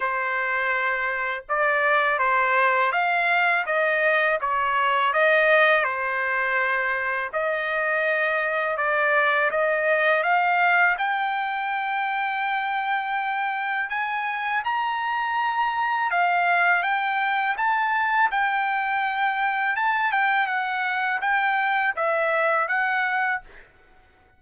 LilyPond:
\new Staff \with { instrumentName = "trumpet" } { \time 4/4 \tempo 4 = 82 c''2 d''4 c''4 | f''4 dis''4 cis''4 dis''4 | c''2 dis''2 | d''4 dis''4 f''4 g''4~ |
g''2. gis''4 | ais''2 f''4 g''4 | a''4 g''2 a''8 g''8 | fis''4 g''4 e''4 fis''4 | }